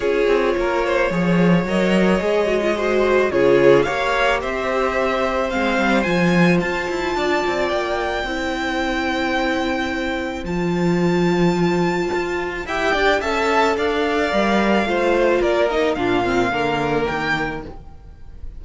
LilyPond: <<
  \new Staff \with { instrumentName = "violin" } { \time 4/4 \tempo 4 = 109 cis''2. dis''4~ | dis''2 cis''4 f''4 | e''2 f''4 gis''4 | a''2 g''2~ |
g''2. a''4~ | a''2. g''4 | a''4 f''2. | d''8 dis''8 f''2 g''4 | }
  \new Staff \with { instrumentName = "violin" } { \time 4/4 gis'4 ais'8 c''8 cis''2~ | cis''4 c''4 gis'4 cis''4 | c''1~ | c''4 d''2 c''4~ |
c''1~ | c''2. e''8 d''8 | e''4 d''2 c''4 | ais'4 f'4 ais'2 | }
  \new Staff \with { instrumentName = "viola" } { \time 4/4 f'2 gis'4 ais'4 | gis'8 fis'16 f'16 fis'4 f'4 g'4~ | g'2 c'4 f'4~ | f'2. e'4~ |
e'2. f'4~ | f'2. g'4 | a'2 ais'4 f'4~ | f'8 dis'8 d'8 c'8 ais2 | }
  \new Staff \with { instrumentName = "cello" } { \time 4/4 cis'8 c'8 ais4 f4 fis4 | gis2 cis4 ais4 | c'2 gis8 g8 f4 | f'8 e'8 d'8 c'8 ais4 c'4~ |
c'2. f4~ | f2 f'4 e'8 d'8 | cis'4 d'4 g4 a4 | ais4 ais,4 d4 dis4 | }
>>